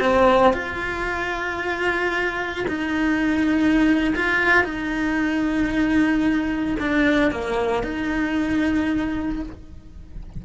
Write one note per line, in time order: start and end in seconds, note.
0.00 0.53 C4
0.53 2.65 F4
2.68 4.14 D#4
4.16 4.64 F4
4.64 6.77 D#4
6.79 7.31 D4
7.31 7.83 A#3
7.83 9.42 D#4